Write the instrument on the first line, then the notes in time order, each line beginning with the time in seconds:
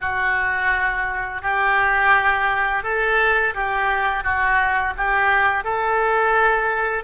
oboe
0.00 F#4
1.41 G4
2.83 A4
3.54 G4
4.23 F#4
4.96 G4
5.63 A4